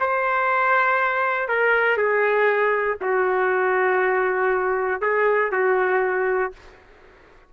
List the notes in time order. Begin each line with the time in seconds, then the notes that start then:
0.00 C5
1.49 A#4
1.97 G#4
3.01 F#4
5.01 G#4
5.52 F#4